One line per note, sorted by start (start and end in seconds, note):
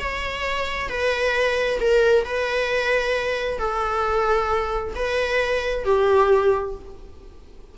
0.00 0.89 C#5
0.89 1.79 B4
1.81 2.25 A#4
2.25 3.59 B4
3.59 4.94 A4
4.96 5.85 B4
5.85 6.75 G4